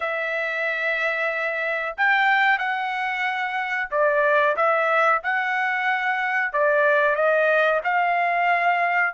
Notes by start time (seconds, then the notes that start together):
0.00 E5
1.97 G5
2.58 F#5
3.90 D5
4.56 E5
5.23 F#5
6.52 D5
7.15 D#5
7.83 F5